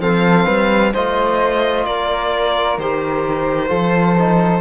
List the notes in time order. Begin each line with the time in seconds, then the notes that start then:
0.00 F3 C4 A4 F5
0.46 G3 B4
0.93 A3 F4 C5 D#5
1.86 A#3 A#4 D5
2.78 D#3 G4 C5
3.69 F3 F4 A4
4.18 D#4